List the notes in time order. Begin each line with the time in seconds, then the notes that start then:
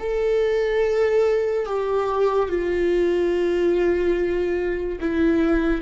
0.00 A4
1.66 G4
2.49 F4
5.00 E4